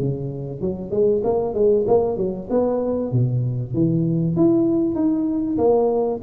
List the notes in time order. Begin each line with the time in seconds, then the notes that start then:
0.00 C#3
0.61 F#3
0.91 G#3
1.24 A#3
1.54 G#3
1.88 A#3
2.17 F#3
2.50 B3
3.12 B2
3.74 E3
4.36 E4
4.95 D#4
5.58 A#3